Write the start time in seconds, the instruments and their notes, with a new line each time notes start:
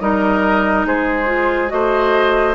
0.00 bassoon G3, clarinet D#4, oboe A#4, flute D#5
0.86 bassoon G#3, oboe G#4, flute C5
1.26 clarinet F4
1.69 bassoon A3, clarinet F#4, oboe C5, flute D#5